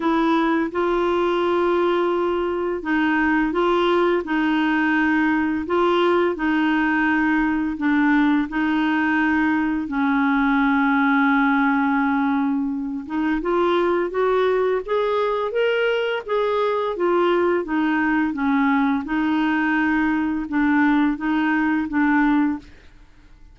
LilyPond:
\new Staff \with { instrumentName = "clarinet" } { \time 4/4 \tempo 4 = 85 e'4 f'2. | dis'4 f'4 dis'2 | f'4 dis'2 d'4 | dis'2 cis'2~ |
cis'2~ cis'8 dis'8 f'4 | fis'4 gis'4 ais'4 gis'4 | f'4 dis'4 cis'4 dis'4~ | dis'4 d'4 dis'4 d'4 | }